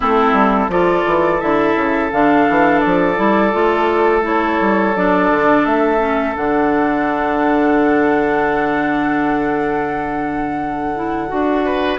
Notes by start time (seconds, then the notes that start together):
0.00 A3 C4 E4 A4
0.32 G3
0.68 F3 F4 A4 D5
1.06 E3
1.40 D3 E4 E5
1.75 C#3
2.11 D3 D4 F5
2.49 E3
2.80 F3 D5
3.16 G3 E4
3.52 A3 F4
4.22 E4 C#5
4.60 G3
4.96 F#3 D4 D5
5.30 D3
5.65 A3 E5
5.98 C#4
6.35 D3 D4 F#5
10.95 E4
11.28 D4 F#4
11.65 B4